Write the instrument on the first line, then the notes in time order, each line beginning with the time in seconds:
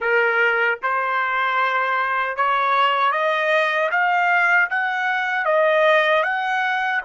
trumpet
0.00 A#4
0.82 C5
2.36 C#5
3.11 D#5
3.91 F5
4.70 F#5
5.45 D#5
6.23 F#5